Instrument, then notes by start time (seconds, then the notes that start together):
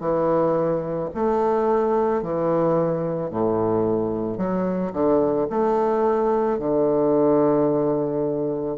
bassoon
0.00 E3
1.14 A3
2.22 E3
3.30 A2
4.37 F#3
4.92 D3
5.49 A3
6.59 D3